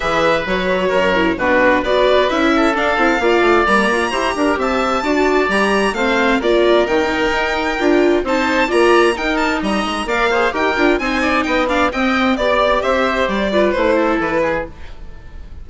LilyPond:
<<
  \new Staff \with { instrumentName = "violin" } { \time 4/4 \tempo 4 = 131 e''4 cis''2 b'4 | d''4 e''4 f''2 | ais''2 a''2 | ais''4 f''4 d''4 g''4~ |
g''2 a''4 ais''4 | g''8 a''8 ais''4 f''4 g''4 | gis''4 g''8 f''8 g''4 d''4 | e''4 d''4 c''4 b'4 | }
  \new Staff \with { instrumentName = "oboe" } { \time 4/4 b'2 ais'4 fis'4 | b'4. a'4. d''4~ | d''4 c''8 ais'8 e''4 d''4~ | d''4 c''4 ais'2~ |
ais'2 c''4 d''4 | ais'4 dis''4 d''8 c''8 ais'4 | c''8 d''8 dis''8 d''8 dis''4 d''4 | c''4. b'4 a'4 gis'8 | }
  \new Staff \with { instrumentName = "viola" } { \time 4/4 gis'4 fis'4. e'8 d'4 | fis'4 e'4 d'8 e'8 f'4 | ais4 g'2 fis'4 | g'4 c'4 f'4 dis'4~ |
dis'4 f'4 dis'4 f'4 | dis'2 ais'8 gis'8 g'8 f'8 | dis'4. d'8 c'4 g'4~ | g'4. f'8 e'2 | }
  \new Staff \with { instrumentName = "bassoon" } { \time 4/4 e4 fis4 fis,4 b,4 | b4 cis'4 d'8 c'8 ais8 a8 | g8 f'8 e'8 d'8 c'4 d'4 | g4 a4 ais4 dis4 |
dis'4 d'4 c'4 ais4 | dis'4 g8 gis8 ais4 dis'8 d'8 | c'4 b4 c'4 b4 | c'4 g4 a4 e4 | }
>>